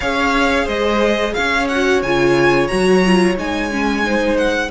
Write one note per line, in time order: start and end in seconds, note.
0.00 0.66 C#4
0.00 1.70 G#4
0.00 0.64 C#5
0.00 0.68 F5
0.64 1.34 G#3
0.64 1.31 C5
0.64 1.34 D#5
1.34 2.02 C#4
1.34 4.05 C#5
1.34 1.67 F5
1.67 2.04 F#4
1.67 2.01 F#5
2.02 2.69 C#3
2.02 2.69 F4
2.02 2.67 G#5
2.67 3.37 F#3
2.67 3.02 F#4
2.67 3.35 A#5
3.05 3.38 F4
3.37 4.70 G#3
3.37 3.71 D#4
3.37 4.37 G#5
3.71 4.04 C#4
4.04 4.70 D#4
4.04 4.70 C5
4.37 4.70 F#5